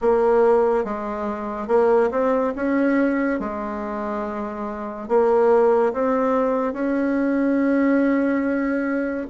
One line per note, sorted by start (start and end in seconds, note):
0.01 0.84 A#3
0.84 1.67 G#3
1.67 2.09 A#3
2.11 2.53 C4
2.55 3.39 C#4
3.39 5.08 G#3
5.08 5.92 A#3
5.93 6.73 C4
6.73 9.26 C#4